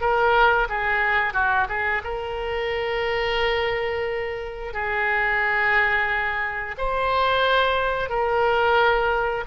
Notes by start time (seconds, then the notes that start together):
0.00 A#4
0.69 G#4
1.33 F#4
1.68 G#4
2.03 A#4
4.73 G#4
6.78 C5
8.09 A#4